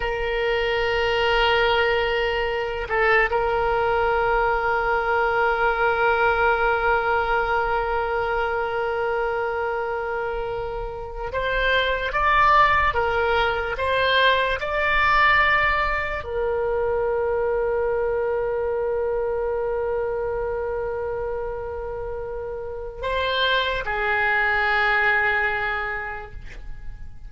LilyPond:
\new Staff \with { instrumentName = "oboe" } { \time 4/4 \tempo 4 = 73 ais'2.~ ais'8 a'8 | ais'1~ | ais'1~ | ais'4.~ ais'16 c''4 d''4 ais'16~ |
ais'8. c''4 d''2 ais'16~ | ais'1~ | ais'1 | c''4 gis'2. | }